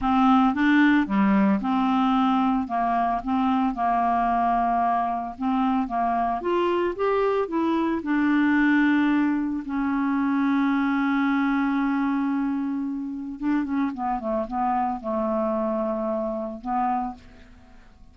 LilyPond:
\new Staff \with { instrumentName = "clarinet" } { \time 4/4 \tempo 4 = 112 c'4 d'4 g4 c'4~ | c'4 ais4 c'4 ais4~ | ais2 c'4 ais4 | f'4 g'4 e'4 d'4~ |
d'2 cis'2~ | cis'1~ | cis'4 d'8 cis'8 b8 a8 b4 | a2. b4 | }